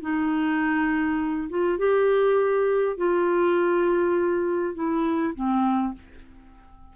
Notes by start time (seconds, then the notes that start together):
0.00 D#4
1.49 F4
1.78 G4
2.96 F4
4.74 E4
5.34 C4